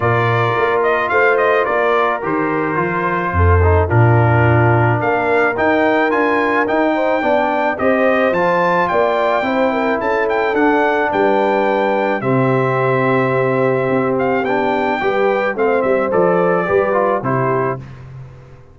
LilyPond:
<<
  \new Staff \with { instrumentName = "trumpet" } { \time 4/4 \tempo 4 = 108 d''4. dis''8 f''8 dis''8 d''4 | c''2. ais'4~ | ais'4 f''4 g''4 gis''4 | g''2 dis''4 a''4 |
g''2 a''8 g''8 fis''4 | g''2 e''2~ | e''4. f''8 g''2 | f''8 e''8 d''2 c''4 | }
  \new Staff \with { instrumentName = "horn" } { \time 4/4 ais'2 c''4 ais'4~ | ais'2 a'4 f'4~ | f'4 ais'2.~ | ais'8 c''8 d''4 c''2 |
d''4 c''8 ais'8 a'2 | b'2 g'2~ | g'2. b'4 | c''2 b'4 g'4 | }
  \new Staff \with { instrumentName = "trombone" } { \time 4/4 f'1 | g'4 f'4. dis'8 d'4~ | d'2 dis'4 f'4 | dis'4 d'4 g'4 f'4~ |
f'4 e'2 d'4~ | d'2 c'2~ | c'2 d'4 g'4 | c'4 a'4 g'8 f'8 e'4 | }
  \new Staff \with { instrumentName = "tuba" } { \time 4/4 ais,4 ais4 a4 ais4 | dis4 f4 f,4 ais,4~ | ais,4 ais4 dis'4 d'4 | dis'4 b4 c'4 f4 |
ais4 c'4 cis'4 d'4 | g2 c2~ | c4 c'4 b4 g4 | a8 g8 f4 g4 c4 | }
>>